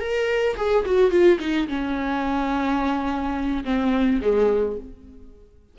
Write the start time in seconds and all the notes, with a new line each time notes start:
0.00 A#4
0.57 G#4
0.85 F#4
1.11 F4
1.40 D#4
1.68 C#4
3.64 C4
4.22 G#3